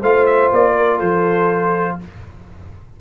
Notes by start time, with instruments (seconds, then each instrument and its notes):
0.00 tuba A3, trombone F4, horn C5, trumpet F5
0.26 trumpet E5
0.52 tuba A#3, trumpet D5
0.77 horn A#4
0.97 tuba F3, horn A4, trumpet C5